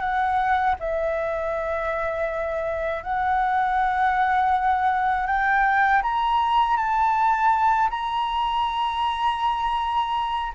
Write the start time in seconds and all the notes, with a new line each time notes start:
0.00 F#5
0.79 E5
3.03 F#5
5.27 G5
6.02 A#5
6.76 A5
7.90 A#5